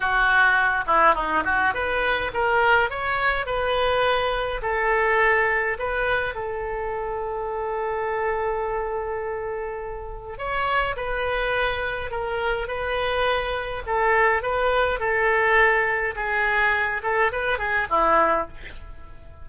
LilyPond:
\new Staff \with { instrumentName = "oboe" } { \time 4/4 \tempo 4 = 104 fis'4. e'8 dis'8 fis'8 b'4 | ais'4 cis''4 b'2 | a'2 b'4 a'4~ | a'1~ |
a'2 cis''4 b'4~ | b'4 ais'4 b'2 | a'4 b'4 a'2 | gis'4. a'8 b'8 gis'8 e'4 | }